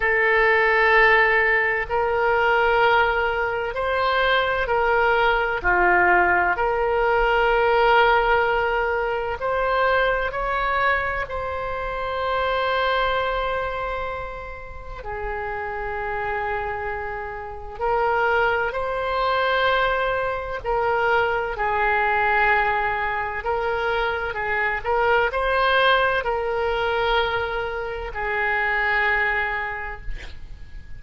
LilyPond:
\new Staff \with { instrumentName = "oboe" } { \time 4/4 \tempo 4 = 64 a'2 ais'2 | c''4 ais'4 f'4 ais'4~ | ais'2 c''4 cis''4 | c''1 |
gis'2. ais'4 | c''2 ais'4 gis'4~ | gis'4 ais'4 gis'8 ais'8 c''4 | ais'2 gis'2 | }